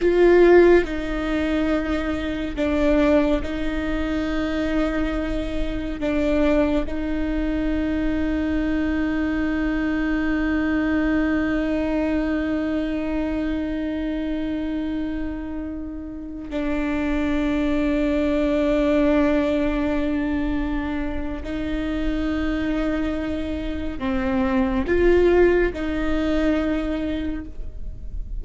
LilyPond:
\new Staff \with { instrumentName = "viola" } { \time 4/4 \tempo 4 = 70 f'4 dis'2 d'4 | dis'2. d'4 | dis'1~ | dis'1~ |
dis'2.~ dis'16 d'8.~ | d'1~ | d'4 dis'2. | c'4 f'4 dis'2 | }